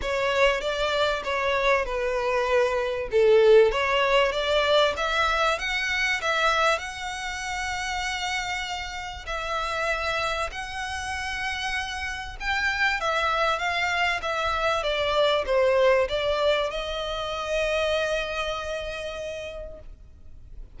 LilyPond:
\new Staff \with { instrumentName = "violin" } { \time 4/4 \tempo 4 = 97 cis''4 d''4 cis''4 b'4~ | b'4 a'4 cis''4 d''4 | e''4 fis''4 e''4 fis''4~ | fis''2. e''4~ |
e''4 fis''2. | g''4 e''4 f''4 e''4 | d''4 c''4 d''4 dis''4~ | dis''1 | }